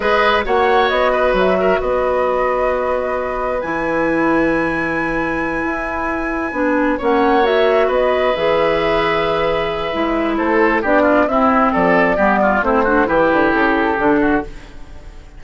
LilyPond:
<<
  \new Staff \with { instrumentName = "flute" } { \time 4/4 \tempo 4 = 133 dis''4 fis''4 dis''4 e''4 | dis''1 | gis''1~ | gis''2.~ gis''8 fis''8~ |
fis''8 e''4 dis''4 e''4.~ | e''2. c''4 | d''4 e''4 d''2 | c''4 b'4 a'2 | }
  \new Staff \with { instrumentName = "oboe" } { \time 4/4 b'4 cis''4. b'4 ais'8 | b'1~ | b'1~ | b'2.~ b'8 cis''8~ |
cis''4. b'2~ b'8~ | b'2. a'4 | g'8 f'8 e'4 a'4 g'8 f'8 | e'8 fis'8 g'2~ g'8 fis'8 | }
  \new Staff \with { instrumentName = "clarinet" } { \time 4/4 gis'4 fis'2.~ | fis'1 | e'1~ | e'2~ e'8 d'4 cis'8~ |
cis'8 fis'2 gis'4.~ | gis'2 e'2 | d'4 c'2 b4 | c'8 d'8 e'2 d'4 | }
  \new Staff \with { instrumentName = "bassoon" } { \time 4/4 gis4 ais4 b4 fis4 | b1 | e1~ | e8 e'2 b4 ais8~ |
ais4. b4 e4.~ | e2 gis4 a4 | b4 c'4 f4 g4 | a4 e8 d8 cis4 d4 | }
>>